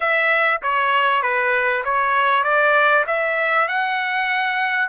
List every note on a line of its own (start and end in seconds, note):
0.00 0.60 E5
0.62 1.22 C#5
1.22 1.83 B4
1.84 2.43 C#5
2.43 3.04 D5
3.06 3.67 E5
3.67 4.88 F#5